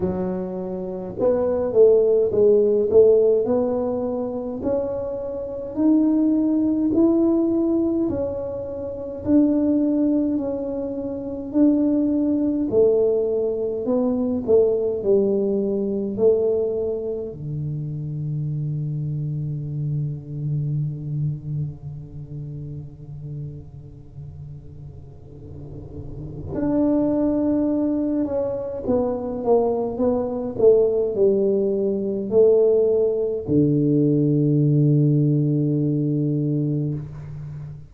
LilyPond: \new Staff \with { instrumentName = "tuba" } { \time 4/4 \tempo 4 = 52 fis4 b8 a8 gis8 a8 b4 | cis'4 dis'4 e'4 cis'4 | d'4 cis'4 d'4 a4 | b8 a8 g4 a4 d4~ |
d1~ | d2. d'4~ | d'8 cis'8 b8 ais8 b8 a8 g4 | a4 d2. | }